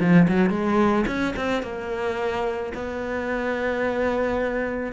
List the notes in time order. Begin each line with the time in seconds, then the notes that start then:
0.00 F3
0.28 F#3
0.50 G#3
1.07 C#4
1.37 C4
1.63 A#3
2.74 B3